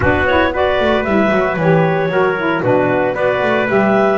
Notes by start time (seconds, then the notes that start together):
0.00 B3 D4 F#4 B4
0.27 E4 C#5
0.53 F#4 B4 D5
0.79 A3
1.04 G3 E4 E5
1.30 F#3 F#4
1.56 E3 G4 C#5
2.08 F#3 F#4 A#4
2.37 E4
2.62 B2 D4 F#4 B4
3.14 B3 F#4 B4 D5
3.42 A3
3.68 G3 G4 E5